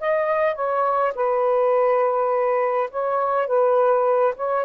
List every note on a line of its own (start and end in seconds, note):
0.00 0.55 D#5
0.55 1.13 C#5
1.15 2.89 B4
2.90 3.47 C#5
3.47 4.34 B4
4.36 4.65 C#5